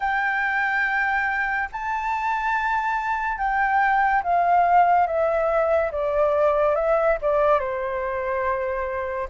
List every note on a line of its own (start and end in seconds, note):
0.00 1.69 G5
1.72 3.38 A5
3.38 4.22 G5
4.23 5.06 F5
5.06 5.91 E5
5.91 6.75 D5
6.75 7.17 E5
7.21 7.59 D5
7.59 9.28 C5